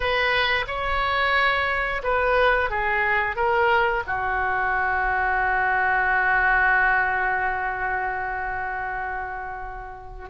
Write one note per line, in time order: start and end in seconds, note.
0.00 0.65 B4
0.67 2.02 C#5
2.03 2.70 B4
2.70 3.36 G#4
3.36 4.03 A#4
4.06 10.29 F#4